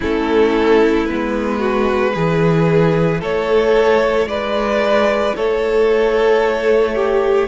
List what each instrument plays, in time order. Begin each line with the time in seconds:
0.00 cello A3, viola C#4, violin E4 A4
1.06 cello G#3, viola B3, violin B4
1.58 violin F#4
2.14 cello E3, viola E4, violin G#4
3.20 cello A3, violin A4 C#5
4.25 cello G#3, violin B4 D5
5.35 cello A3, violin A4 C#5
6.95 violin G4